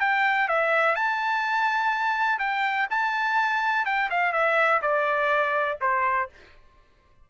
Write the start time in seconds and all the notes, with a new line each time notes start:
0.00 G5
0.48 E5
0.95 A5
2.39 G5
2.90 A5
3.85 G5
4.10 F5
4.33 E5
4.82 D5
5.81 C5